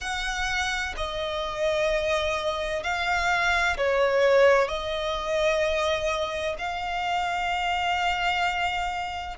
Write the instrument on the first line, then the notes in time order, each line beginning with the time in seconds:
violin
0.00 F#5
0.96 D#5
2.83 F5
3.77 C#5
4.68 D#5
6.58 F5